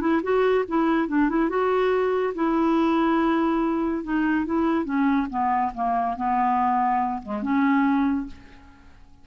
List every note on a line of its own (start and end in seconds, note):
0.00 0.21 E4
0.22 0.65 F#4
0.68 1.08 E4
1.08 1.29 D4
1.29 1.49 E4
1.49 2.33 F#4
2.35 4.03 E4
4.03 4.45 D#4
4.45 4.85 E4
4.85 5.27 C#4
5.30 5.72 B3
5.74 6.16 A#3
6.16 7.22 B3
7.22 7.42 G#3
7.42 8.26 C#4